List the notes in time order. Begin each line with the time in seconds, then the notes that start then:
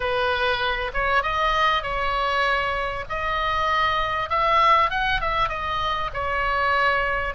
0.00 B4
0.93 C#5
1.22 D#5
1.82 C#5
3.09 D#5
4.29 E5
4.90 F#5
5.20 E5
5.49 D#5
6.13 C#5